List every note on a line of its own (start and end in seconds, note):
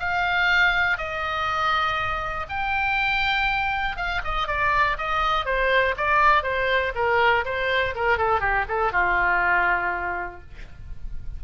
0.00 0.98 F5
0.98 2.47 D#5
2.49 3.97 G5
3.97 4.22 F5
4.24 4.48 D#5
4.48 4.97 D5
4.98 5.46 D#5
5.46 5.95 C5
5.98 6.43 D5
6.43 6.93 C5
6.95 7.45 A#4
7.45 7.95 C5
7.95 8.18 A#4
8.18 8.40 A4
8.40 8.65 G4
8.68 8.93 A4
8.93 10.41 F4